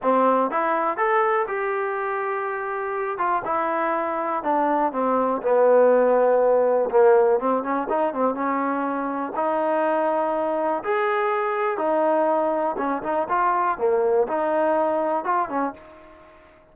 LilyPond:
\new Staff \with { instrumentName = "trombone" } { \time 4/4 \tempo 4 = 122 c'4 e'4 a'4 g'4~ | g'2~ g'8 f'8 e'4~ | e'4 d'4 c'4 b4~ | b2 ais4 c'8 cis'8 |
dis'8 c'8 cis'2 dis'4~ | dis'2 gis'2 | dis'2 cis'8 dis'8 f'4 | ais4 dis'2 f'8 cis'8 | }